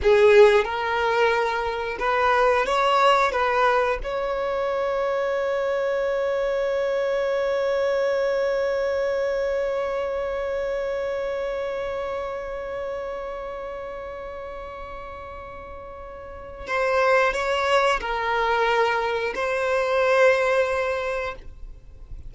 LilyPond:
\new Staff \with { instrumentName = "violin" } { \time 4/4 \tempo 4 = 90 gis'4 ais'2 b'4 | cis''4 b'4 cis''2~ | cis''1~ | cis''1~ |
cis''1~ | cis''1~ | cis''4 c''4 cis''4 ais'4~ | ais'4 c''2. | }